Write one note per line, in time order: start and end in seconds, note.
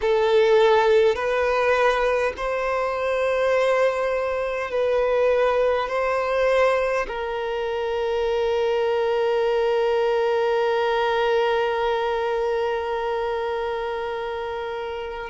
0.01 1.15 A4
1.15 2.33 B4
2.36 4.71 C5
4.71 5.88 B4
5.88 7.06 C5
7.07 15.29 A#4